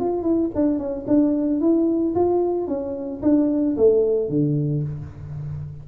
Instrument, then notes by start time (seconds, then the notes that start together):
tuba
0.00 F4
0.23 E4
0.55 D4
0.79 C#4
1.07 D4
1.61 E4
2.15 F4
2.68 C#4
3.22 D4
3.77 A3
4.29 D3